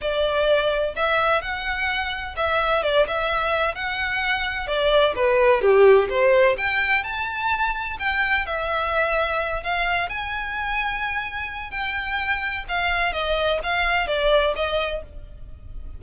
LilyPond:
\new Staff \with { instrumentName = "violin" } { \time 4/4 \tempo 4 = 128 d''2 e''4 fis''4~ | fis''4 e''4 d''8 e''4. | fis''2 d''4 b'4 | g'4 c''4 g''4 a''4~ |
a''4 g''4 e''2~ | e''8 f''4 gis''2~ gis''8~ | gis''4 g''2 f''4 | dis''4 f''4 d''4 dis''4 | }